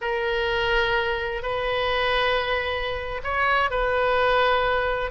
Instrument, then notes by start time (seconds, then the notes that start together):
oboe
0.01 A#4
1.42 B4
3.23 C#5
3.70 B4